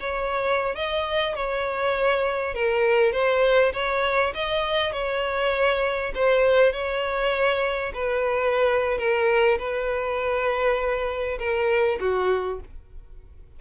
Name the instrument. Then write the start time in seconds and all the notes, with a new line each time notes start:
violin
0.00 C#5
0.75 D#5
1.35 C#5
2.54 A#4
3.12 C5
3.73 C#5
4.34 D#5
4.92 C#5
6.15 C5
6.73 C#5
7.94 B4
8.98 A#4
9.58 B4
11.39 A#4
12.00 F#4